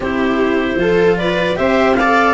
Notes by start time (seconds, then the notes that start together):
0.00 C4 E4 G4 C5
0.75 F3 F4 A4
1.17 B4 D5
1.55 C4 G4 C5 E5
1.95 A4 D5 F5